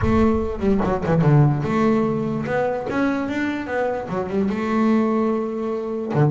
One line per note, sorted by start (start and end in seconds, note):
0.01 0.59 A3
0.59 0.80 G3
0.83 1.04 F#3
1.06 1.21 E3
1.21 1.62 D3
1.63 2.44 A3
2.46 2.87 B3
2.90 3.29 C#4
3.29 3.67 D4
3.67 4.07 B3
4.08 4.29 F#3
4.29 4.49 G3
4.49 6.12 A3
6.13 6.31 D3